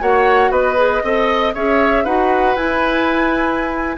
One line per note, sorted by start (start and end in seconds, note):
0.00 0.50 A#3
0.00 0.76 F#4
0.00 0.51 C#5
0.00 0.52 F#5
0.50 1.02 B3
0.50 1.03 B4
0.50 1.54 D#5
0.76 1.02 G#4
1.04 1.55 C4
1.04 1.55 A4
1.04 1.54 D#5
1.54 2.05 C#4
1.54 2.06 G#4
1.54 2.04 C#5
1.54 2.06 E5
2.04 2.56 D#4
2.04 2.57 F#4
2.04 3.97 B4
2.04 2.56 F#5
2.56 3.97 E4
2.56 3.98 E4
2.56 3.97 G#5